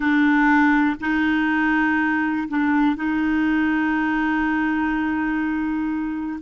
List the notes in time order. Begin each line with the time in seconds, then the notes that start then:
0.00 D4
1.00 D#4
2.48 D4
2.96 D#4